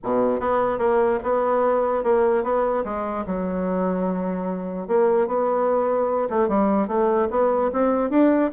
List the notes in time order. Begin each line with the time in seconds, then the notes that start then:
0.03 B2
0.40 B3
0.78 A#3
1.23 B3
2.03 A#3
2.43 B3
2.84 G#3
3.26 F#3
4.87 A#3
5.27 B3
6.29 A3
6.48 G3
6.87 A3
7.30 B3
7.72 C4
8.10 D4